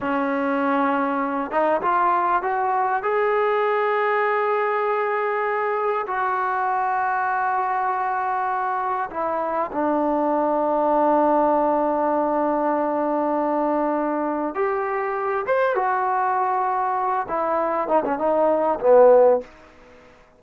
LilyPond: \new Staff \with { instrumentName = "trombone" } { \time 4/4 \tempo 4 = 99 cis'2~ cis'8 dis'8 f'4 | fis'4 gis'2.~ | gis'2 fis'2~ | fis'2. e'4 |
d'1~ | d'1 | g'4. c''8 fis'2~ | fis'8 e'4 dis'16 cis'16 dis'4 b4 | }